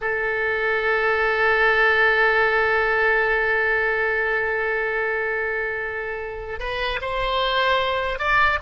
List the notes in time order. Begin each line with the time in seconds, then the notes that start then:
0.01 A4
6.59 B4
7.01 C5
8.18 D5